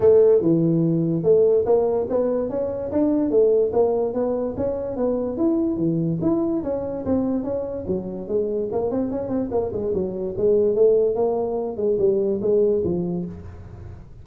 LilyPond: \new Staff \with { instrumentName = "tuba" } { \time 4/4 \tempo 4 = 145 a4 e2 a4 | ais4 b4 cis'4 d'4 | a4 ais4 b4 cis'4 | b4 e'4 e4 e'4 |
cis'4 c'4 cis'4 fis4 | gis4 ais8 c'8 cis'8 c'8 ais8 gis8 | fis4 gis4 a4 ais4~ | ais8 gis8 g4 gis4 f4 | }